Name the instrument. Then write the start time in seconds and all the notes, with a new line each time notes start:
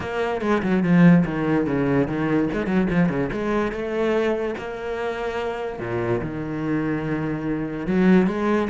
cello
0.00 A#3
0.41 G#3
0.62 F#3
0.83 F3
1.25 D#3
1.66 C#3
2.07 D#3
2.52 G#3
2.66 F#3
2.90 F3
3.09 C#3
3.32 G#3
3.72 A3
4.57 A#3
5.79 A#2
6.21 D#3
7.86 F#3
8.27 G#3